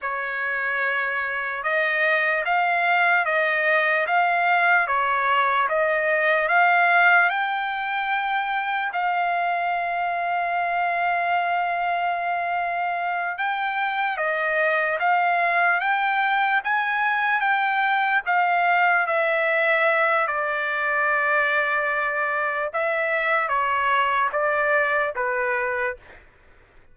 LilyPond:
\new Staff \with { instrumentName = "trumpet" } { \time 4/4 \tempo 4 = 74 cis''2 dis''4 f''4 | dis''4 f''4 cis''4 dis''4 | f''4 g''2 f''4~ | f''1~ |
f''8 g''4 dis''4 f''4 g''8~ | g''8 gis''4 g''4 f''4 e''8~ | e''4 d''2. | e''4 cis''4 d''4 b'4 | }